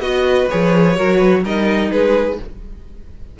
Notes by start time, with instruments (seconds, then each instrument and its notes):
0.00 cello B3, viola F#4, violin D#5
0.29 violin B4
0.50 cello F3, viola G#4, violin C#5
0.96 cello F#3, viola F#4, violin A#4
1.17 violin B4
1.44 cello G3, viola D#4, violin A#4 D#5
1.92 cello G#3, violin G#4 B4